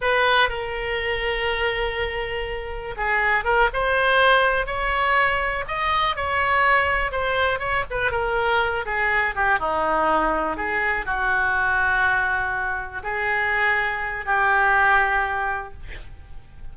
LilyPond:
\new Staff \with { instrumentName = "oboe" } { \time 4/4 \tempo 4 = 122 b'4 ais'2.~ | ais'2 gis'4 ais'8 c''8~ | c''4. cis''2 dis''8~ | dis''8 cis''2 c''4 cis''8 |
b'8 ais'4. gis'4 g'8 dis'8~ | dis'4. gis'4 fis'4.~ | fis'2~ fis'8 gis'4.~ | gis'4 g'2. | }